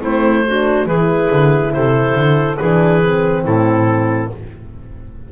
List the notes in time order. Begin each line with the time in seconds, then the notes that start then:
0.00 A3 C4 E4 C5
0.47 D4 F#4
0.86 E3 E4 G#4 B4
1.31 D3
1.73 C3 A4 C5
2.15 D3
2.57 E3 D4 G#4 B4
3.02 C4
3.44 A2 E4 A4